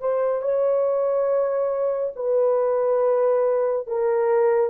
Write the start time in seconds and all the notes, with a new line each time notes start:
0.00 C5
0.42 C#5
2.15 B4
3.87 A#4